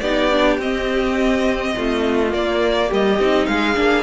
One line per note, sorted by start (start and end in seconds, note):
0.00 0.59 B3
0.00 0.32 D#4
0.00 1.75 G4
0.00 0.58 D5
0.32 0.60 D4
0.59 1.74 C4
0.59 2.30 C4
0.59 2.34 D#5
1.77 2.34 A3
1.77 2.89 F4
2.30 3.17 A#3
2.30 2.92 A#3
2.30 2.92 D5
2.89 3.20 G3
2.89 3.47 G4
2.89 3.46 D#5
3.20 3.48 C4
3.20 3.75 D#4
3.46 3.77 G#3
3.46 4.04 G#4
3.46 4.04 F5
3.75 4.04 A#3
3.75 4.04 D4